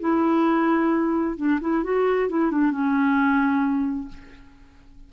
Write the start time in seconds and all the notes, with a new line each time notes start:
0.00 E4
1.37 D4
1.61 E4
1.83 F#4
2.29 E4
2.51 D4
2.71 C#4